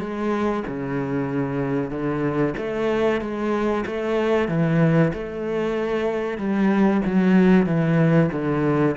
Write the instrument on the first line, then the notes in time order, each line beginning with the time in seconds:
cello
0.00 G#3
0.67 C#3
1.91 D3
2.57 A3
3.21 G#3
3.86 A3
4.49 E3
5.14 A3
6.38 G3
7.06 F#3
7.67 E3
8.32 D3